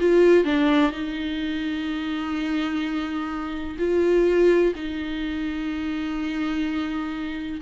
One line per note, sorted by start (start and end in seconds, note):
0.00 0.45 F4
0.45 0.92 D4
0.92 3.77 D#4
3.79 4.74 F4
4.75 7.61 D#4